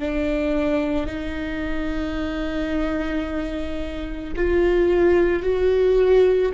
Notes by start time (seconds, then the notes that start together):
0.00 D4
1.07 D#4
4.36 F4
5.43 F#4